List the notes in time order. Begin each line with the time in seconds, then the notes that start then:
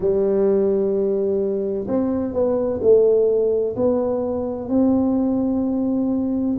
0.00 G3
1.87 C4
2.33 B3
2.81 A3
3.75 B3
4.69 C4